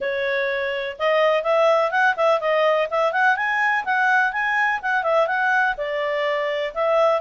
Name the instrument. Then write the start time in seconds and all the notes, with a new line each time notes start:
clarinet
0.00 C#5
0.98 D#5
1.43 E5
1.91 F#5
2.16 E5
2.40 D#5
2.90 E5
3.12 F#5
3.36 G#5
3.84 F#5
4.32 G#5
4.82 F#5
5.03 E5
5.27 F#5
5.77 D5
6.74 E5